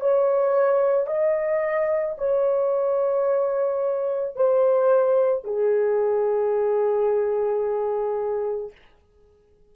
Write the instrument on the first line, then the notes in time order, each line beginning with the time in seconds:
horn
0.00 C#5
1.07 D#5
2.18 C#5
4.36 C5
5.44 G#4